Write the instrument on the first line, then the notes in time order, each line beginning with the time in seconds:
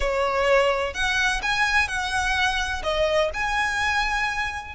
violin
0.00 C#5
0.94 F#5
1.42 G#5
1.87 F#5
2.83 D#5
3.33 G#5